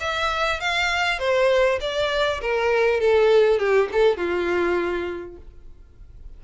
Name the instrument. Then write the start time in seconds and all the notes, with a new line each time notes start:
violin
0.00 E5
0.60 F5
1.19 C5
1.81 D5
2.41 A#4
3.00 A4
3.59 G4
3.92 A4
4.17 F4